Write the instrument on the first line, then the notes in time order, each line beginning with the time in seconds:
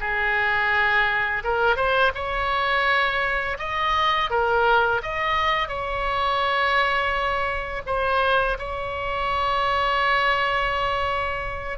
oboe
0.00 G#4
1.44 A#4
1.76 C5
2.14 C#5
3.58 D#5
4.30 A#4
5.02 D#5
5.68 C#5
7.86 C5
8.58 C#5